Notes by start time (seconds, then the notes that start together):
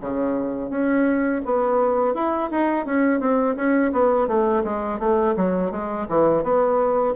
0.00 C#3
0.70 C#4
1.45 B3
2.14 E4
2.51 D#4
2.85 C#4
3.20 C4
3.56 C#4
3.93 B3
4.28 A3
4.64 G#3
4.99 A3
5.36 F#3
5.71 G#3
6.08 E3
6.43 B3